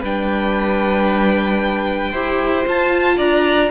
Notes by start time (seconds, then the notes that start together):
0.00 G3 D4 B4 G5
2.10 E4 G4 C5
2.64 F4 A5
3.17 D4 D5 A#5